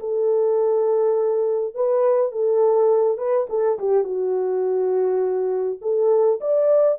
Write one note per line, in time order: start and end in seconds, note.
0.00 1.75 A4
1.75 2.32 B4
2.32 3.18 A4
3.18 3.47 B4
3.50 3.79 A4
3.79 4.04 G4
4.04 5.79 F#4
5.82 6.40 A4
6.41 6.99 D5